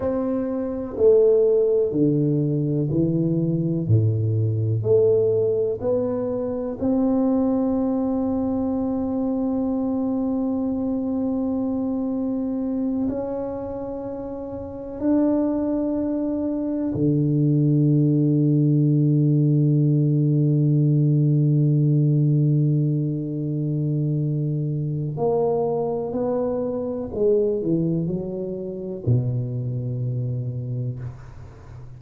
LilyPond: \new Staff \with { instrumentName = "tuba" } { \time 4/4 \tempo 4 = 62 c'4 a4 d4 e4 | a,4 a4 b4 c'4~ | c'1~ | c'4. cis'2 d'8~ |
d'4. d2~ d8~ | d1~ | d2 ais4 b4 | gis8 e8 fis4 b,2 | }